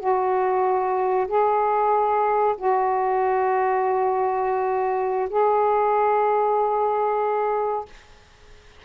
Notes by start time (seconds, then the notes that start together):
0.00 F#4
1.28 G#4
2.58 F#4
5.30 G#4